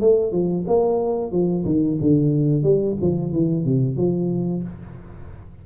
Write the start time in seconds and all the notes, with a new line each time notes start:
0.00 A3
0.32 F3
0.67 A#3
1.31 F3
1.65 D#3
2.01 D3
2.63 G3
3.01 F3
3.32 E3
3.64 C3
3.96 F3